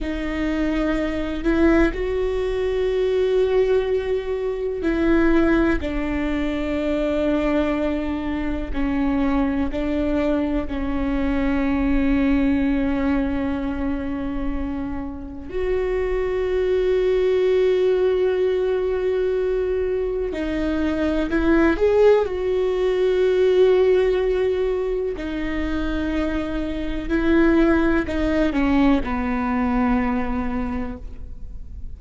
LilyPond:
\new Staff \with { instrumentName = "viola" } { \time 4/4 \tempo 4 = 62 dis'4. e'8 fis'2~ | fis'4 e'4 d'2~ | d'4 cis'4 d'4 cis'4~ | cis'1 |
fis'1~ | fis'4 dis'4 e'8 gis'8 fis'4~ | fis'2 dis'2 | e'4 dis'8 cis'8 b2 | }